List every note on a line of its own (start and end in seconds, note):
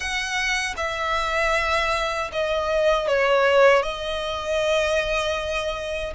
0.00 0.74 F#5
0.77 2.30 E5
2.32 3.07 D#5
3.07 3.83 C#5
3.83 6.13 D#5